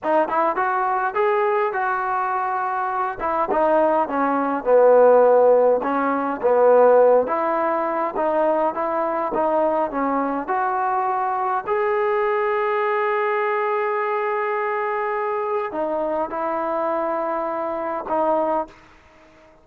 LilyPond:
\new Staff \with { instrumentName = "trombone" } { \time 4/4 \tempo 4 = 103 dis'8 e'8 fis'4 gis'4 fis'4~ | fis'4. e'8 dis'4 cis'4 | b2 cis'4 b4~ | b8 e'4. dis'4 e'4 |
dis'4 cis'4 fis'2 | gis'1~ | gis'2. dis'4 | e'2. dis'4 | }